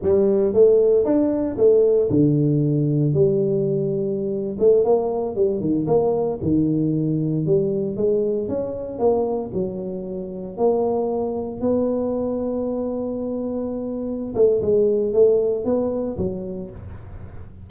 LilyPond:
\new Staff \with { instrumentName = "tuba" } { \time 4/4 \tempo 4 = 115 g4 a4 d'4 a4 | d2 g2~ | g8. a8 ais4 g8 dis8 ais8.~ | ais16 dis2 g4 gis8.~ |
gis16 cis'4 ais4 fis4.~ fis16~ | fis16 ais2 b4.~ b16~ | b2.~ b8 a8 | gis4 a4 b4 fis4 | }